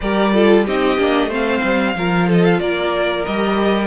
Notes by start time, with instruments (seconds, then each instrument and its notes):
0.01 cello G3, viola G4, violin A#4 D5
0.33 viola F4, violin A4
0.64 cello C4, viola D#4, violin G4 D#5
0.97 cello A#3, viola D4
1.26 cello A3, viola C4, violin C5
1.34 violin F5
1.63 cello G3
1.95 cello F3, viola F4, violin A#4
2.28 violin A4 D#5
2.44 violin F5
2.59 cello A#3, violin A#4 D5
3.24 cello G3, viola G4, violin D#5